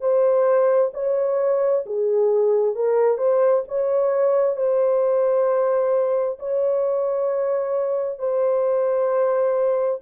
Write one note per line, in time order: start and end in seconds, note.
0.00 0.91 C5
0.93 1.84 C#5
1.86 2.75 G#4
2.75 3.17 A#4
3.17 3.63 C5
3.67 4.56 C#5
4.56 6.38 C5
6.39 8.19 C#5
8.19 10.00 C5